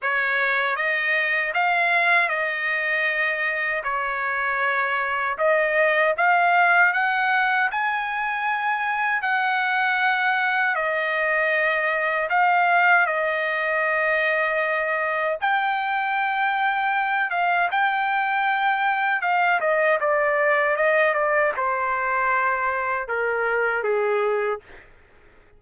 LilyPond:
\new Staff \with { instrumentName = "trumpet" } { \time 4/4 \tempo 4 = 78 cis''4 dis''4 f''4 dis''4~ | dis''4 cis''2 dis''4 | f''4 fis''4 gis''2 | fis''2 dis''2 |
f''4 dis''2. | g''2~ g''8 f''8 g''4~ | g''4 f''8 dis''8 d''4 dis''8 d''8 | c''2 ais'4 gis'4 | }